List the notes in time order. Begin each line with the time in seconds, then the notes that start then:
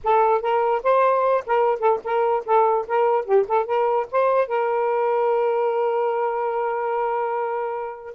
0.03 A4
0.41 A#4
0.83 C5
1.46 A#4
1.79 A4
2.04 A#4
2.45 A4
2.87 A#4
3.25 G4
3.48 A4
3.65 A#4
4.11 C5
4.47 A#4